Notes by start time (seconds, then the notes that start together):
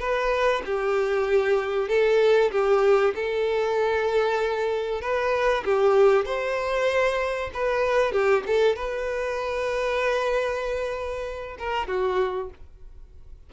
0.00 B4
0.66 G4
1.89 A4
2.52 G4
3.15 A4
5.02 B4
5.65 G4
6.26 C5
7.54 B4
8.12 G4
8.47 A4
8.76 B4
11.59 A#4
11.88 F#4